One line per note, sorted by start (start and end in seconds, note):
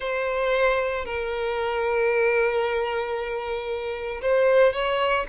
0.00 1.05 C5
1.05 4.21 A#4
4.21 4.73 C5
4.73 5.26 C#5